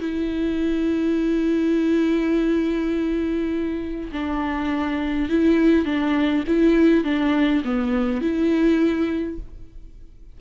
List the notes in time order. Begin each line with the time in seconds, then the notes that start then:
0.00 E4
4.13 D4
5.30 E4
5.86 D4
6.48 E4
7.05 D4
7.65 B3
8.22 E4